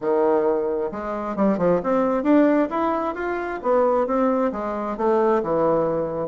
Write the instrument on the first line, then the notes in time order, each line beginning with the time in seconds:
bassoon
0.00 D#3
0.91 G#3
1.36 G3
1.58 F3
1.83 C4
2.23 D4
2.70 E4
3.15 F4
3.62 B3
4.06 C4
4.52 G#3
4.97 A3
5.43 E3